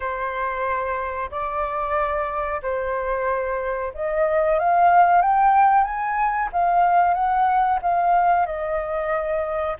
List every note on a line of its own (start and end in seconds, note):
0.00 1.30 C5
1.30 2.61 D5
2.62 3.92 C5
3.93 4.59 D#5
4.59 5.21 F5
5.21 5.84 G5
5.84 6.49 G#5
6.52 7.14 F5
7.14 7.79 F#5
7.82 8.46 F5
8.46 9.76 D#5